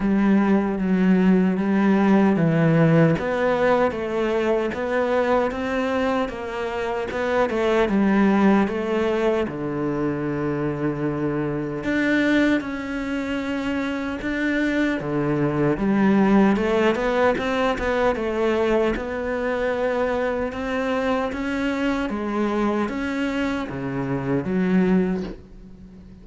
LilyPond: \new Staff \with { instrumentName = "cello" } { \time 4/4 \tempo 4 = 76 g4 fis4 g4 e4 | b4 a4 b4 c'4 | ais4 b8 a8 g4 a4 | d2. d'4 |
cis'2 d'4 d4 | g4 a8 b8 c'8 b8 a4 | b2 c'4 cis'4 | gis4 cis'4 cis4 fis4 | }